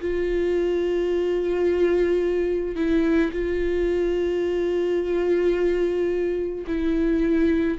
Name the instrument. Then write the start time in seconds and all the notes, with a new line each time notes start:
viola
0.00 F4
2.75 E4
3.31 F4
6.67 E4